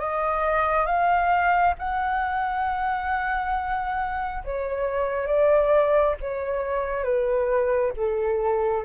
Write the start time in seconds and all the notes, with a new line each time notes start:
0.00 D#5
0.86 F5
1.78 F#5
4.44 C#5
5.27 D5
6.21 C#5
7.04 B4
7.97 A4